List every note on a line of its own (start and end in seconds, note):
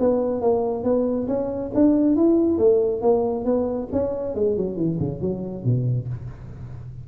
0.00 0.42 B3
0.42 0.84 A#3
0.84 1.27 B3
1.28 1.72 C#4
1.75 2.16 D4
2.16 2.58 E4
2.58 3.02 A3
3.02 3.45 A#3
3.45 3.89 B3
3.92 4.35 C#4
4.35 4.57 G#3
4.57 4.77 F#3
4.77 4.98 E3
5.00 5.21 C#3
5.21 5.65 F#3
5.65 6.08 B2